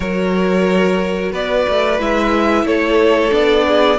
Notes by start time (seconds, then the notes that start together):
0.00 F#3 F#4 A#4 C#5
1.32 B3 B4 D5
1.68 A3
1.99 G#3 E4 E5
2.64 A3 A4 C#5
3.31 B3 D4 D5
3.67 G#4